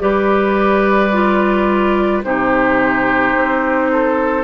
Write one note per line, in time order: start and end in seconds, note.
0.00 2.24 G3
0.00 1.11 G4
0.00 2.25 B4
0.00 2.23 D5
1.12 2.23 F4
2.24 3.35 C3
2.24 4.44 D#4
2.24 3.92 G4
2.24 4.44 C5
3.36 4.44 C4
3.92 4.44 A4